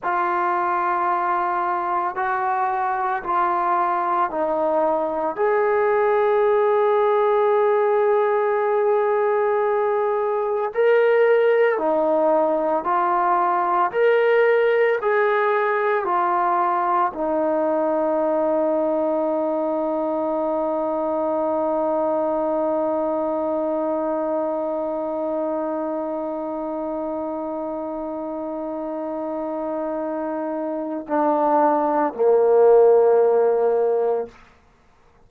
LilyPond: \new Staff \with { instrumentName = "trombone" } { \time 4/4 \tempo 4 = 56 f'2 fis'4 f'4 | dis'4 gis'2.~ | gis'2 ais'4 dis'4 | f'4 ais'4 gis'4 f'4 |
dis'1~ | dis'1~ | dis'1~ | dis'4 d'4 ais2 | }